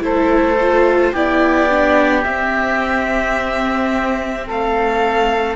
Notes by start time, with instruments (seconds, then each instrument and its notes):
0.00 cello A3, viola E4, oboe A4, violin C5
0.61 viola F4
1.13 cello B3, viola E4, oboe G4, violin D5
1.70 viola D4
2.25 viola C4, cello C4, violin E5
4.48 cello A3, oboe A4, violin F5